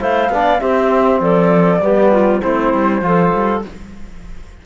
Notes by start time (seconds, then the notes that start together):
0.00 A3 E4 C5 F5
0.30 B3 D4 D5
0.60 C4 G4 E5
1.20 F3 A4 D5
1.81 G3 B3 G4
2.12 F4
2.41 A3 C4 E4 C5
2.74 G3
3.02 F3 F4 A4
3.34 G3